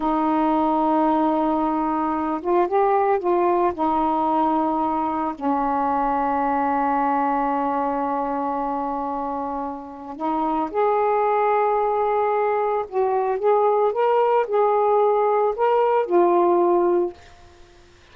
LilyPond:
\new Staff \with { instrumentName = "saxophone" } { \time 4/4 \tempo 4 = 112 dis'1~ | dis'8 f'8 g'4 f'4 dis'4~ | dis'2 cis'2~ | cis'1~ |
cis'2. dis'4 | gis'1 | fis'4 gis'4 ais'4 gis'4~ | gis'4 ais'4 f'2 | }